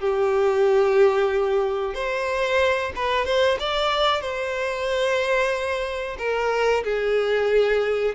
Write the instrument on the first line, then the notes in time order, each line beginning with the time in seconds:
violin
0.00 G4
1.95 C5
2.96 B4
3.25 C5
3.60 D5
4.21 C5
6.19 A#4
6.84 G#4